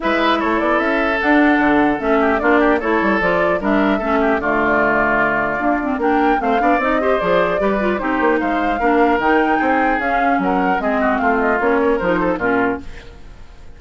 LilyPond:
<<
  \new Staff \with { instrumentName = "flute" } { \time 4/4 \tempo 4 = 150 e''4 cis''8 d''8 e''4 fis''4~ | fis''4 e''4 d''4 cis''4 | d''4 e''2 d''4~ | d''2. g''4 |
f''4 dis''4 d''2 | c''4 f''2 g''4~ | g''4 f''4 fis''4 dis''4 | f''8 dis''8 cis''4 c''4 ais'4 | }
  \new Staff \with { instrumentName = "oboe" } { \time 4/4 b'4 a'2.~ | a'4. g'8 f'8 g'8 a'4~ | a'4 ais'4 a'8 g'8 f'4~ | f'2. ais'4 |
c''8 d''4 c''4. b'4 | g'4 c''4 ais'2 | gis'2 ais'4 gis'8 fis'8 | f'4. ais'4 a'8 f'4 | }
  \new Staff \with { instrumentName = "clarinet" } { \time 4/4 e'2. d'4~ | d'4 cis'4 d'4 e'4 | f'4 d'4 cis'4 a4~ | a2 ais8 c'8 d'4 |
c'8 d'8 dis'8 g'8 gis'4 g'8 f'8 | dis'2 d'4 dis'4~ | dis'4 cis'2 c'4~ | c'4 cis'4 dis'4 cis'4 | }
  \new Staff \with { instrumentName = "bassoon" } { \time 4/4 gis4 a8 b8 cis'4 d'4 | d4 a4 ais4 a8 g8 | f4 g4 a4 d4~ | d2 d'4 ais4 |
a8 b8 c'4 f4 g4 | c'8 ais8 gis4 ais4 dis4 | c'4 cis'4 fis4 gis4 | a4 ais4 f4 ais,4 | }
>>